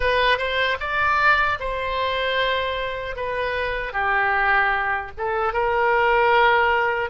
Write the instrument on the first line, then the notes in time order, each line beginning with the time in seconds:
oboe
0.00 B4
0.37 C5
0.79 D5
1.59 C5
3.16 B4
3.93 G4
5.17 A4
5.53 A#4